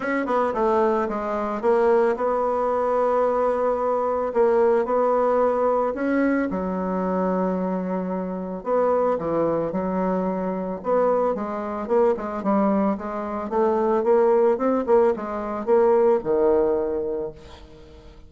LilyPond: \new Staff \with { instrumentName = "bassoon" } { \time 4/4 \tempo 4 = 111 cis'8 b8 a4 gis4 ais4 | b1 | ais4 b2 cis'4 | fis1 |
b4 e4 fis2 | b4 gis4 ais8 gis8 g4 | gis4 a4 ais4 c'8 ais8 | gis4 ais4 dis2 | }